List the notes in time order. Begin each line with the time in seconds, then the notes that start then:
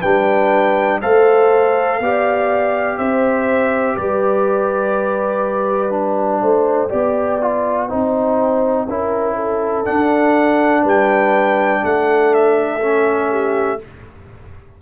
0.00 G3 D4 B4 G5
1.01 A3 A4 C5 F5
2.00 B3 G4 D5
2.98 C4 C5 E5
3.96 G3 B4 D5
5.91 D4 G5
6.42 A3 C5
6.89 B3 G4 D5
7.41 F4
7.89 C4 D#4 C5
8.87 C#4 E4 A#4
9.35 A4
9.85 D4 F#5
10.83 G3 B4 G5
11.85 A3 A4 F#5
12.34 E5
12.81 C#4
13.31 G4